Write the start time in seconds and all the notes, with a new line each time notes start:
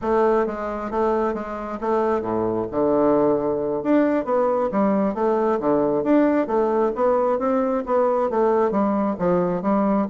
0.01 A3
0.46 G#3
0.90 A3
1.34 G#3
1.80 A3
2.21 A2
2.71 D3
3.83 D4
4.25 B3
4.71 G3
5.14 A3
5.59 D3
6.03 D4
6.47 A3
6.95 B3
7.39 C4
7.86 B3
8.30 A3
8.71 G3
9.18 F3
9.62 G3